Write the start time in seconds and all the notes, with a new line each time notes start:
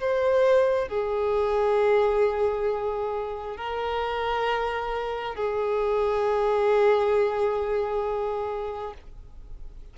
0.00 C5
0.88 G#4
3.57 A#4
5.35 G#4